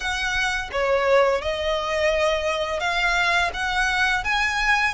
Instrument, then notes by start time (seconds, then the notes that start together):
violin
0.00 F#5
0.72 C#5
1.41 D#5
2.80 F5
3.53 F#5
4.24 G#5